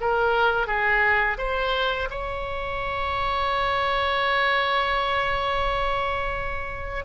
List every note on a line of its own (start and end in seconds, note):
0.00 0.66 A#4
0.66 1.37 G#4
1.37 2.08 C5
2.10 7.04 C#5